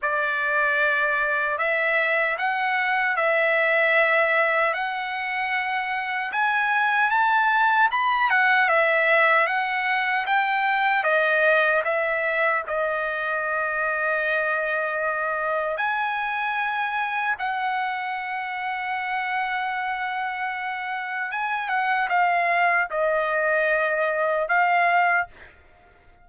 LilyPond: \new Staff \with { instrumentName = "trumpet" } { \time 4/4 \tempo 4 = 76 d''2 e''4 fis''4 | e''2 fis''2 | gis''4 a''4 b''8 fis''8 e''4 | fis''4 g''4 dis''4 e''4 |
dis''1 | gis''2 fis''2~ | fis''2. gis''8 fis''8 | f''4 dis''2 f''4 | }